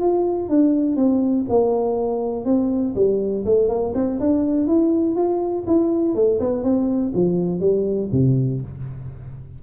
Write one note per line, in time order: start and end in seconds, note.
0.00 0.49 F4
0.49 0.96 D4
0.96 1.46 C4
1.49 2.45 A#3
2.45 2.94 C4
2.96 3.45 G3
3.46 3.69 A3
3.69 3.93 A#3
3.95 4.19 C4
4.20 4.67 D4
4.67 5.16 E4
5.16 5.65 F4
5.67 6.15 E4
6.15 6.40 A3
6.40 6.63 B3
6.63 7.12 C4
7.14 7.60 F3
7.60 8.09 G3
8.12 8.61 C3